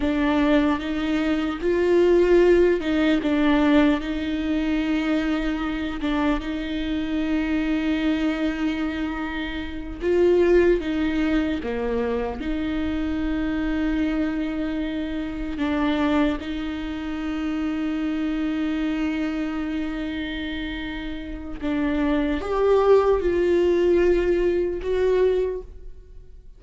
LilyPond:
\new Staff \with { instrumentName = "viola" } { \time 4/4 \tempo 4 = 75 d'4 dis'4 f'4. dis'8 | d'4 dis'2~ dis'8 d'8 | dis'1~ | dis'8 f'4 dis'4 ais4 dis'8~ |
dis'2.~ dis'8 d'8~ | d'8 dis'2.~ dis'8~ | dis'2. d'4 | g'4 f'2 fis'4 | }